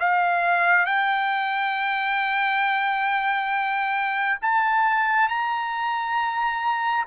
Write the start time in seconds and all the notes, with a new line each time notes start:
0.00 F5
0.86 G5
4.42 A5
5.29 A#5